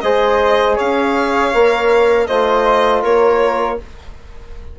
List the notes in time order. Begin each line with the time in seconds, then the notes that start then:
0.00 G#3 G#4 C5 D#5
0.75 C#4 C#5 F5
1.53 A#3 A#4
2.26 A3 F4 C5 D#5
3.01 A#3 A#4 C#5